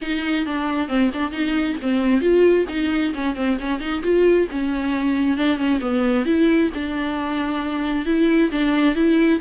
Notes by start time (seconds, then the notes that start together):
0.01 D#4
0.45 D4
0.88 C4
1.13 D4
1.31 D#4
1.82 C4
2.20 F4
2.68 D#4
3.14 C#4
3.35 C4
3.59 C#4
3.80 D#4
4.03 F4
4.51 C#4
5.37 D4
5.57 C#4
5.80 B3
6.25 E4
6.74 D4
8.05 E4
8.51 D4
8.95 E4